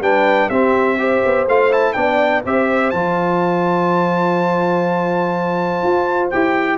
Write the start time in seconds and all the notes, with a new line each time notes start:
0.00 G3 D4 B4 G5
0.49 C4 G4 E5
0.98 G4 C5
1.25 B3
1.47 A3 F4 F5
1.71 E4 A5
1.93 B3 D4 D5 G5
2.44 C4 G4 C5 E5
2.90 F3 F4 A5
5.83 F4
6.30 E4 G4 G5